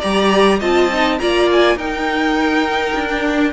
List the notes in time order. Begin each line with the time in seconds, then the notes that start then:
0.00 G3 G4 D5 A#5
0.59 C4 F4 D#5 A5
0.93 D#4
1.19 A#3 F4 D5 A#5
1.52 G#5
1.76 D#4 A#4 G5
2.95 D4
3.07 D4